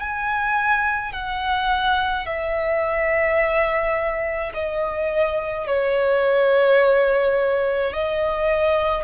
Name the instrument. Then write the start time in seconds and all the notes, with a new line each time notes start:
violin
0.00 G#5
1.13 F#5
2.26 E5
4.54 D#5
5.67 C#5
7.93 D#5